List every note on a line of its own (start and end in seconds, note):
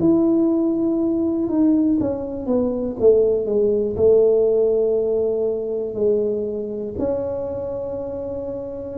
0.00 1.49 E4
1.49 1.99 D#4
2.00 2.47 C#4
2.47 2.97 B3
3.00 3.46 A3
3.46 3.96 G#3
3.97 5.95 A3
5.95 6.95 G#3
6.99 8.99 C#4